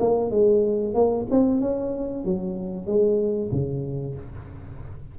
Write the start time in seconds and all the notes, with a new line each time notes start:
0.00 A#3
0.31 G#3
0.95 A#3
1.31 C4
1.61 C#4
2.25 F#3
2.87 G#3
3.52 C#3